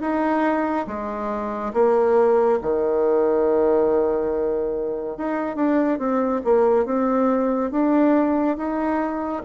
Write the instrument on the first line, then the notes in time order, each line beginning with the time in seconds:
bassoon
0.00 D#4
0.86 G#3
1.73 A#3
2.61 D#3
5.17 D#4
5.55 D4
5.98 C4
6.44 A#3
6.85 C4
7.71 D4
8.56 D#4